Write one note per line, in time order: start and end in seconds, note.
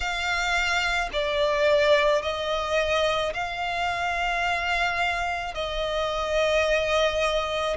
0.00 1.09 F5
1.12 2.22 D5
2.22 3.33 D#5
3.33 5.54 F5
5.54 7.76 D#5